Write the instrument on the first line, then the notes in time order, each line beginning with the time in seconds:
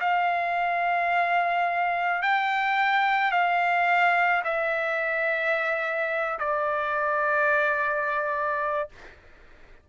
trumpet
0.00 F5
2.22 G5
3.31 F5
4.44 E5
6.39 D5